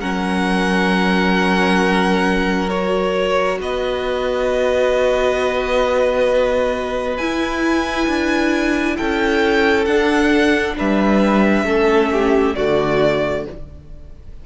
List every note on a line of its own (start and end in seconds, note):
0.00 3.60 F#3
0.00 2.69 C#4
0.00 3.58 A#4
0.00 2.69 F#5
2.69 7.17 F#4
2.69 3.59 C#5
3.60 7.18 B3
3.60 8.96 B4
3.60 7.17 D#5
7.17 8.07 E4
7.17 9.87 E4
7.17 8.96 G#5
8.07 8.97 D4
8.96 9.86 C#4
8.96 10.75 A4
8.96 9.85 G5
9.85 10.76 D4
9.85 11.65 D4
9.85 10.75 F#5
10.78 11.64 G3
10.78 11.65 B4
10.78 12.55 E5
11.64 12.54 A3
11.64 12.55 C#4
11.64 12.10 A4
12.12 12.56 G4
12.55 13.46 D3
12.55 13.46 A3
12.55 13.46 F#4
12.55 13.44 D5